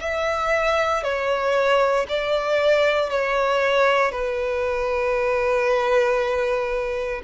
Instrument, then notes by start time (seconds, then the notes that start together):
violin
0.00 E5
1.03 C#5
2.09 D5
3.10 C#5
4.11 B4